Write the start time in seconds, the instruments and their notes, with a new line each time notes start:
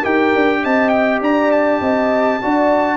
0.00 tuba D#4, trombone G4, horn A#4, trumpet G5
0.35 tuba D4
0.63 tuba C4, horn D#5, trumpet A5
0.89 trumpet G5
1.21 tuba D4, horn D5, trumpet A#5
1.51 trumpet A5
1.80 tuba C4, horn D#5
2.42 tuba D4, trombone F#4, horn D5